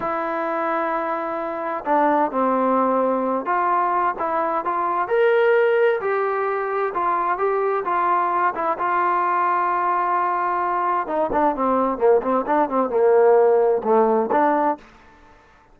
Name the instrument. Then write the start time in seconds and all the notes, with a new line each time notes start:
trombone
0.00 E4
1.85 D4
2.31 C4
3.45 F4
4.18 E4
4.64 F4
5.08 A#4
6.01 G4
6.94 F4
7.37 G4
7.84 F4
8.54 E4
8.78 F4
11.07 D#4
11.32 D4
11.55 C4
11.98 A#3
12.22 C4
12.46 D4
12.69 C4
12.89 A#3
13.83 A3
14.31 D4